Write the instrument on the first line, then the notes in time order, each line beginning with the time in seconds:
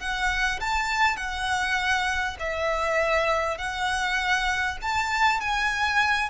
violin
0.00 F#5
0.61 A5
1.17 F#5
2.40 E5
3.58 F#5
4.82 A5
5.41 G#5